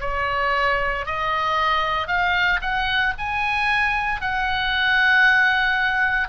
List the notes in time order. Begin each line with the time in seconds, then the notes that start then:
0.00 C#5
1.05 D#5
2.07 F5
2.61 F#5
3.18 G#5
4.21 F#5